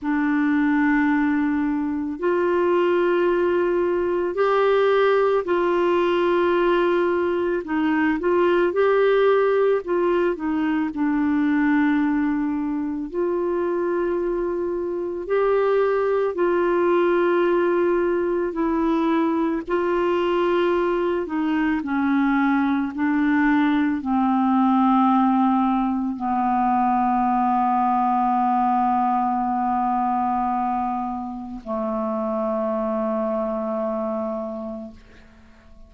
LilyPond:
\new Staff \with { instrumentName = "clarinet" } { \time 4/4 \tempo 4 = 55 d'2 f'2 | g'4 f'2 dis'8 f'8 | g'4 f'8 dis'8 d'2 | f'2 g'4 f'4~ |
f'4 e'4 f'4. dis'8 | cis'4 d'4 c'2 | b1~ | b4 a2. | }